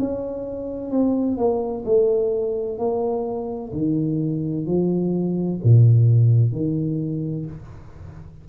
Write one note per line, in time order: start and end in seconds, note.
0.00 0.91 C#4
0.91 1.38 C4
1.38 1.85 A#3
1.85 2.79 A3
2.79 3.72 A#3
3.73 4.67 D#3
4.67 5.60 F3
5.64 6.52 A#2
6.52 7.46 D#3